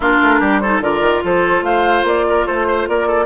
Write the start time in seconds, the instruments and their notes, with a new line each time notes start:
0.00 bassoon A#3, clarinet D4, oboe F4, flute A#4
0.22 bassoon A3
0.39 bassoon G3, oboe G4
0.60 clarinet D#4, oboe A4, flute C5
0.80 bassoon D3, clarinet F4, oboe A#4, flute D5
1.01 bassoon D#3
1.24 bassoon F3, oboe A4, flute C5
1.62 bassoon A3, oboe C5, flute F5
2.03 bassoon A#3, flute D5
2.28 oboe A#4
2.46 bassoon A3, oboe A4, flute C5
2.67 oboe C5
2.88 bassoon A#3, oboe A#4, flute D5
3.07 oboe A4